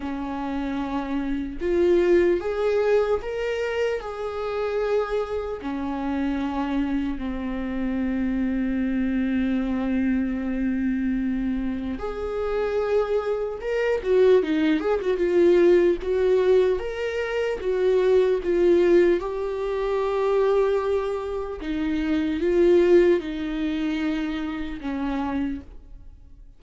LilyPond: \new Staff \with { instrumentName = "viola" } { \time 4/4 \tempo 4 = 75 cis'2 f'4 gis'4 | ais'4 gis'2 cis'4~ | cis'4 c'2.~ | c'2. gis'4~ |
gis'4 ais'8 fis'8 dis'8 gis'16 fis'16 f'4 | fis'4 ais'4 fis'4 f'4 | g'2. dis'4 | f'4 dis'2 cis'4 | }